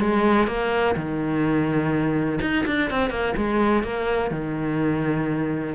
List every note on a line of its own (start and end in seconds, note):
0.00 0.47 G#3
0.47 0.95 A#3
0.96 2.40 D#3
2.41 2.65 D#4
2.67 2.91 D4
2.91 3.10 C4
3.10 3.34 A#3
3.37 3.83 G#3
3.83 4.31 A#3
4.31 5.75 D#3